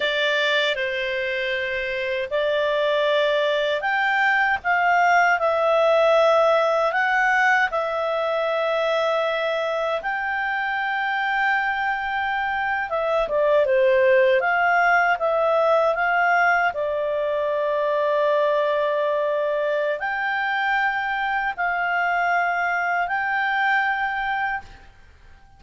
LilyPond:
\new Staff \with { instrumentName = "clarinet" } { \time 4/4 \tempo 4 = 78 d''4 c''2 d''4~ | d''4 g''4 f''4 e''4~ | e''4 fis''4 e''2~ | e''4 g''2.~ |
g''8. e''8 d''8 c''4 f''4 e''16~ | e''8. f''4 d''2~ d''16~ | d''2 g''2 | f''2 g''2 | }